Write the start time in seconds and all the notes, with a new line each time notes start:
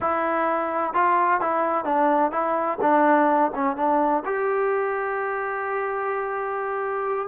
0.00 E4
0.93 F4
1.40 E4
1.85 D4
2.31 E4
2.81 D4
3.54 C#4
3.76 D4
4.25 G4